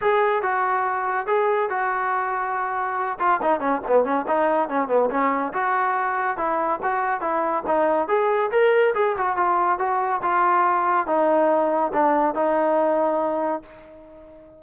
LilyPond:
\new Staff \with { instrumentName = "trombone" } { \time 4/4 \tempo 4 = 141 gis'4 fis'2 gis'4 | fis'2.~ fis'8 f'8 | dis'8 cis'8 b8 cis'8 dis'4 cis'8 b8 | cis'4 fis'2 e'4 |
fis'4 e'4 dis'4 gis'4 | ais'4 gis'8 fis'8 f'4 fis'4 | f'2 dis'2 | d'4 dis'2. | }